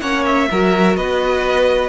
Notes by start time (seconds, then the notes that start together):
0.00 A#3 C#4 C#5 F#5
0.25 E5
0.51 F#3 F#4 A#4
0.96 B3 B4 D#5